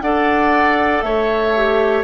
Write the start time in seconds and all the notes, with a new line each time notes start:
0.00 D4 A4 D5 F#5
1.01 A3 C#5 E5
1.56 G4